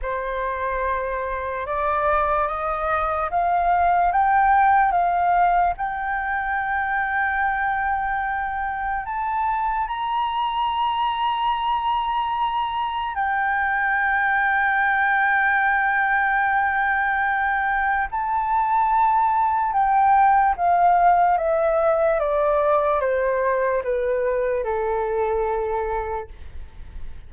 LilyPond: \new Staff \with { instrumentName = "flute" } { \time 4/4 \tempo 4 = 73 c''2 d''4 dis''4 | f''4 g''4 f''4 g''4~ | g''2. a''4 | ais''1 |
g''1~ | g''2 a''2 | g''4 f''4 e''4 d''4 | c''4 b'4 a'2 | }